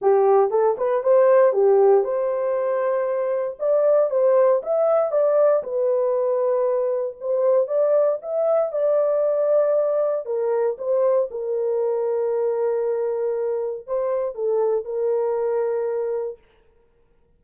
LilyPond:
\new Staff \with { instrumentName = "horn" } { \time 4/4 \tempo 4 = 117 g'4 a'8 b'8 c''4 g'4 | c''2. d''4 | c''4 e''4 d''4 b'4~ | b'2 c''4 d''4 |
e''4 d''2. | ais'4 c''4 ais'2~ | ais'2. c''4 | a'4 ais'2. | }